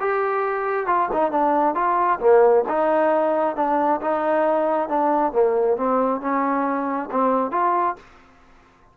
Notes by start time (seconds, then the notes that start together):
0.00 G4
0.87 F4
1.13 D#4
1.32 D4
1.75 F4
2.20 A#3
2.69 D#4
3.56 D4
4.01 D#4
4.89 D4
5.33 A#3
5.77 C4
6.21 C#4
7.11 C4
7.52 F4